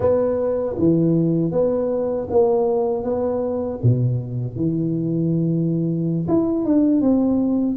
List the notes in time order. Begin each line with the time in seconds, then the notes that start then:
0.00 B3
0.78 E3
1.51 B3
2.30 A#3
3.03 B3
3.82 B2
4.56 E3
6.28 E4
6.64 D4
7.01 C4